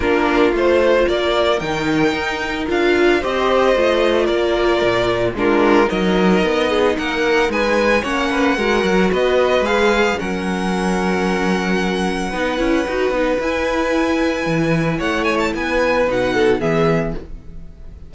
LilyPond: <<
  \new Staff \with { instrumentName = "violin" } { \time 4/4 \tempo 4 = 112 ais'4 c''4 d''4 g''4~ | g''4 f''4 dis''2 | d''2 ais'4 dis''4~ | dis''4 fis''4 gis''4 fis''4~ |
fis''4 dis''4 f''4 fis''4~ | fis''1~ | fis''4 gis''2. | fis''8 gis''16 a''16 gis''4 fis''4 e''4 | }
  \new Staff \with { instrumentName = "violin" } { \time 4/4 f'2 ais'2~ | ais'2 c''2 | ais'2 f'4 ais'4~ | ais'8 gis'8 ais'4 b'4 cis''8 b'8 |
ais'4 b'2 ais'4~ | ais'2. b'4~ | b'1 | cis''4 b'4. a'8 gis'4 | }
  \new Staff \with { instrumentName = "viola" } { \time 4/4 d'4 f'2 dis'4~ | dis'4 f'4 g'4 f'4~ | f'2 d'4 dis'4~ | dis'2. cis'4 |
fis'2 gis'4 cis'4~ | cis'2. dis'8 e'8 | fis'8 dis'8 e'2.~ | e'2 dis'4 b4 | }
  \new Staff \with { instrumentName = "cello" } { \time 4/4 ais4 a4 ais4 dis4 | dis'4 d'4 c'4 a4 | ais4 ais,4 gis4 fis4 | b4 ais4 gis4 ais4 |
gis8 fis8 b4 gis4 fis4~ | fis2. b8 cis'8 | dis'8 b8 e'2 e4 | a4 b4 b,4 e4 | }
>>